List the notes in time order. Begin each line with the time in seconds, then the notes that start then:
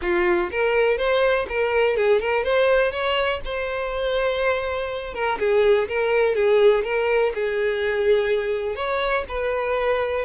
0.01 F4
0.51 A#4
0.97 C5
1.49 A#4
1.96 G#4
2.21 A#4
2.43 C5
2.91 C#5
3.44 C5
5.14 A#4
5.39 G#4
5.88 A#4
6.35 G#4
6.84 A#4
7.34 G#4
8.75 C#5
9.28 B4